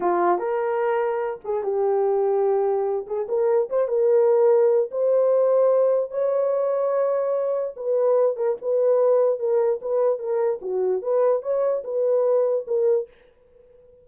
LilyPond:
\new Staff \with { instrumentName = "horn" } { \time 4/4 \tempo 4 = 147 f'4 ais'2~ ais'8 gis'8 | g'2.~ g'8 gis'8 | ais'4 c''8 ais'2~ ais'8 | c''2. cis''4~ |
cis''2. b'4~ | b'8 ais'8 b'2 ais'4 | b'4 ais'4 fis'4 b'4 | cis''4 b'2 ais'4 | }